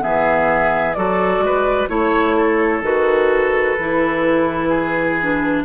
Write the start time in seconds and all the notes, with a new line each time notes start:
0.00 E3 B3 G#4 E5
0.94 F#3 F#4 A4 D5
1.38 G#3
1.45 B4
1.88 A3 E4 C#5
2.36 A4
2.81 D#3 F#4 B4
3.78 E3 E4
4.68 G#4
5.20 D4